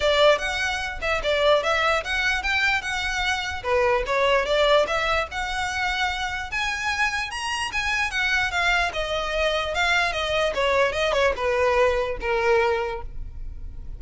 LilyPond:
\new Staff \with { instrumentName = "violin" } { \time 4/4 \tempo 4 = 148 d''4 fis''4. e''8 d''4 | e''4 fis''4 g''4 fis''4~ | fis''4 b'4 cis''4 d''4 | e''4 fis''2. |
gis''2 ais''4 gis''4 | fis''4 f''4 dis''2 | f''4 dis''4 cis''4 dis''8 cis''8 | b'2 ais'2 | }